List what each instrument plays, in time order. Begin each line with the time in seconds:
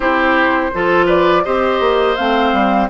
0.00 bassoon C4, clarinet E4, oboe G4, flute C5
0.73 bassoon F3, clarinet F4, oboe A4
1.06 oboe B4, flute D5
1.44 bassoon C4, clarinet G4, oboe C5, flute D#5
1.80 bassoon A#3
2.16 bassoon A3, clarinet C4, flute F5
2.53 bassoon G3